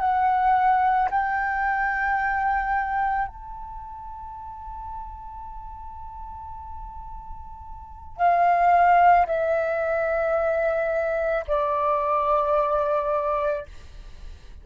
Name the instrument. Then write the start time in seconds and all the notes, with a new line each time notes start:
flute
0.00 F#5
1.10 G5
3.28 A5
8.17 F5
9.26 E5
11.47 D5